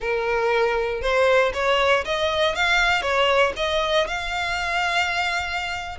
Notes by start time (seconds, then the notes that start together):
0.00 A#4
1.01 C5
1.53 C#5
2.04 D#5
2.55 F5
3.02 C#5
3.56 D#5
4.07 F5